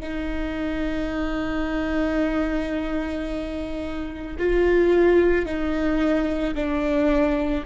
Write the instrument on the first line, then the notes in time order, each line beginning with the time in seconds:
viola
0.00 D#4
4.39 F4
5.45 D#4
6.55 D4